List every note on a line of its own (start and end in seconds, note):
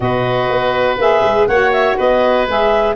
0.00 0.49 B2
0.00 0.97 F#4
0.00 1.48 B4
0.00 0.97 D#5
0.49 0.97 B3
0.97 1.22 A#3
0.97 1.49 G#4
0.97 1.47 E5
1.22 1.47 G#3
1.47 1.97 A#3
1.47 2.47 F#4
1.47 1.97 C#5
1.47 1.71 F#5
1.72 1.96 E5
1.97 2.47 B3
1.97 2.95 B4
1.97 2.48 D#5
2.47 2.95 G#3
2.47 2.95 G#4
2.47 2.95 E5